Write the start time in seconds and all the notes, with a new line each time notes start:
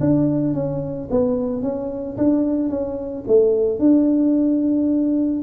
0.00 D4
0.54 C#4
1.10 B3
1.62 C#4
2.17 D4
2.69 C#4
3.27 A3
3.79 D4